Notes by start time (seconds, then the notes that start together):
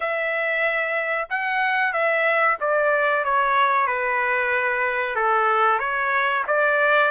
0.00 E5
1.29 F#5
1.92 E5
2.60 D5
3.24 C#5
3.87 B4
5.15 A4
5.79 C#5
6.47 D5